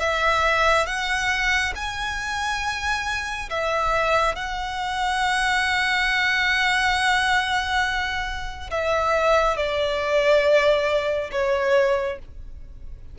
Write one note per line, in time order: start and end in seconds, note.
0.00 0.87 E5
0.87 1.74 F#5
1.75 3.49 G#5
3.50 4.36 E5
4.36 8.70 F#5
8.71 9.57 E5
9.57 11.31 D5
11.32 12.19 C#5